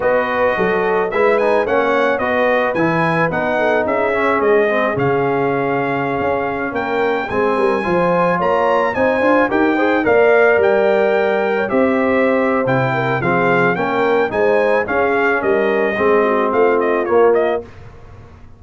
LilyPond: <<
  \new Staff \with { instrumentName = "trumpet" } { \time 4/4 \tempo 4 = 109 dis''2 e''8 gis''8 fis''4 | dis''4 gis''4 fis''4 e''4 | dis''4 f''2.~ | f''16 g''4 gis''2 ais''8.~ |
ais''16 gis''4 g''4 f''4 g''8.~ | g''4~ g''16 e''4.~ e''16 g''4 | f''4 g''4 gis''4 f''4 | dis''2 f''8 dis''8 cis''8 dis''8 | }
  \new Staff \with { instrumentName = "horn" } { \time 4/4 b'4 a'4 b'4 cis''4 | b'2~ b'8 a'8 gis'4~ | gis'1~ | gis'16 ais'4 gis'8 ais'8 c''4 cis''8.~ |
cis''16 c''4 ais'8 c''8 d''4.~ d''16~ | d''4 cis''16 c''2~ c''16 ais'8 | gis'4 ais'4 c''4 gis'4 | ais'4 gis'8 fis'8 f'2 | }
  \new Staff \with { instrumentName = "trombone" } { \time 4/4 fis'2 e'8 dis'8 cis'4 | fis'4 e'4 dis'4. cis'8~ | cis'8 c'8 cis'2.~ | cis'4~ cis'16 c'4 f'4.~ f'16~ |
f'16 dis'8 f'8 g'8 gis'8 ais'4.~ ais'16~ | ais'4~ ais'16 g'4.~ g'16 e'4 | c'4 cis'4 dis'4 cis'4~ | cis'4 c'2 ais4 | }
  \new Staff \with { instrumentName = "tuba" } { \time 4/4 b4 fis4 gis4 ais4 | b4 e4 b4 cis'4 | gis4 cis2~ cis16 cis'8.~ | cis'16 ais4 gis8 g8 f4 ais8.~ |
ais16 c'8 d'8 dis'4 ais4 g8.~ | g4~ g16 c'4.~ c'16 c4 | f4 ais4 gis4 cis'4 | g4 gis4 a4 ais4 | }
>>